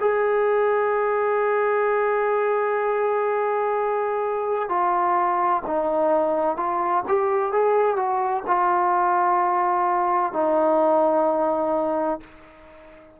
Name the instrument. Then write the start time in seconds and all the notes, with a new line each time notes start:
trombone
0.00 G#4
4.69 F4
5.66 D#4
6.57 F4
7.08 G4
7.52 G#4
7.96 F#4
8.47 F4
10.33 D#4